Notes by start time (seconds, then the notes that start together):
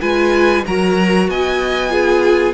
0.00 G#3 F4 B4 G#5
0.66 F#3 F#4 A#4 A#5
1.28 B3 D#5 G#5
1.89 F4 G#4